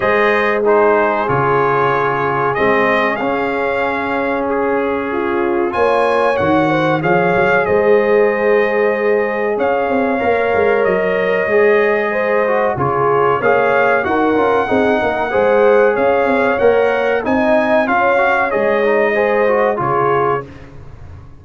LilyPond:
<<
  \new Staff \with { instrumentName = "trumpet" } { \time 4/4 \tempo 4 = 94 dis''4 c''4 cis''2 | dis''4 f''2 gis'4~ | gis'4 gis''4 fis''4 f''4 | dis''2. f''4~ |
f''4 dis''2. | cis''4 f''4 fis''2~ | fis''4 f''4 fis''4 gis''4 | f''4 dis''2 cis''4 | }
  \new Staff \with { instrumentName = "horn" } { \time 4/4 c''4 gis'2.~ | gis'1 | f'4 cis''4. c''8 cis''4 | c''2. cis''4~ |
cis''2. c''4 | gis'4 cis''4 ais'4 gis'8 ais'8 | c''4 cis''2 dis''4 | cis''2 c''4 gis'4 | }
  \new Staff \with { instrumentName = "trombone" } { \time 4/4 gis'4 dis'4 f'2 | c'4 cis'2.~ | cis'4 f'4 fis'4 gis'4~ | gis'1 |
ais'2 gis'4. fis'8 | f'4 gis'4 fis'8 f'8 dis'4 | gis'2 ais'4 dis'4 | f'8 fis'8 gis'8 dis'8 gis'8 fis'8 f'4 | }
  \new Staff \with { instrumentName = "tuba" } { \time 4/4 gis2 cis2 | gis4 cis'2.~ | cis'4 ais4 dis4 f8 fis8 | gis2. cis'8 c'8 |
ais8 gis8 fis4 gis2 | cis4 ais4 dis'8 cis'8 c'8 ais8 | gis4 cis'8 c'8 ais4 c'4 | cis'4 gis2 cis4 | }
>>